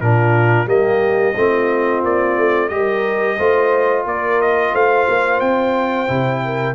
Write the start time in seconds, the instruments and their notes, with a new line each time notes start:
0.00 tuba A#2, trombone D4, horn F4, trumpet A#4
0.66 tuba G3, trombone A#3, horn G4, trumpet D#5
1.35 tuba A3, trombone C4, horn F4
2.03 tuba A#3, trumpet D5
2.37 tuba A3
2.68 tuba G3, trombone G4, horn A#4, trumpet D#5
3.36 tuba A3, trombone F4, horn C5
4.05 tuba A#3, horn A#4, trumpet D5
4.41 trumpet D#5
4.73 tuba A3, horn C5, trumpet F5
5.08 tuba A#3
5.40 tuba C4, trumpet G5
6.07 tuba C3, trombone E4
6.44 horn A#4